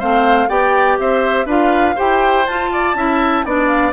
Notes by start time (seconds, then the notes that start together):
0.00 A3 C4 C5 F5
0.49 B3 G4 D5 G5
0.99 C4 C5 E5
1.46 D4 F4 B4 F5
1.96 E4 G4 C5 G5
2.47 F4 A5
2.73 D5
2.95 C#4 E4 E5
3.45 B3 D4 D#4 D5
3.68 F5